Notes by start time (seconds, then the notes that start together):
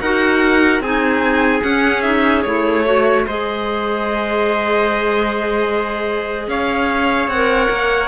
0.00 D#4 F#4 A#4 F#5
0.80 C4 D#4 G#4 G#5
1.61 C#4 F#5
2.02 D#4 E5
2.42 A3 E4 C#5
2.85 F#4 C#5
3.27 G#3 G#4 C5 D#5
6.47 C#4 C#5 F5
7.27 C4 F#5
7.34 A#4
7.70 A#3